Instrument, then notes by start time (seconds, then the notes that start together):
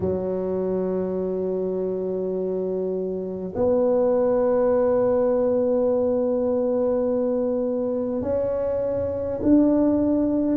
tuba
0.00 F#3
3.55 B3
8.21 C#4
9.42 D4